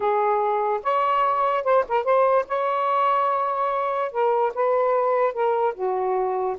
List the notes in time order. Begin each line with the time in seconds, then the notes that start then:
0.00 G#4
0.83 C#5
1.63 C5
1.88 A#4
2.03 C5
2.48 C#5
4.11 A#4
4.54 B4
5.33 A#4
5.74 F#4